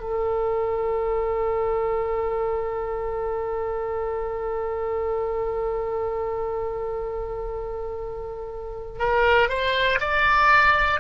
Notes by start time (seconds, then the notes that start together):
0.00 A4
8.99 A#4
9.50 C5
10.00 D5